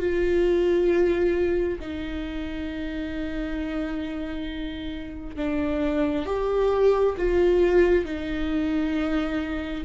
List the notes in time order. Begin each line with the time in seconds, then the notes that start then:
0.00 F4
1.80 D#4
5.36 D4
6.26 G4
7.18 F4
8.05 D#4